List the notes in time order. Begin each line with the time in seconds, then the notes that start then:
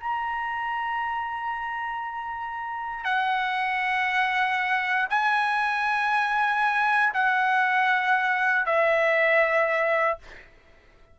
0.00 A#5
3.05 F#5
5.10 G#5
7.14 F#5
8.66 E5